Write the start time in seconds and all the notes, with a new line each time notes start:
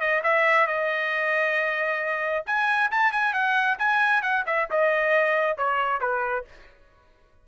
0.00 D#5
0.23 E5
0.67 D#5
2.46 G#5
2.91 A5
3.12 G#5
3.33 F#5
3.79 G#5
4.22 F#5
4.46 E5
4.71 D#5
5.57 C#5
6.01 B4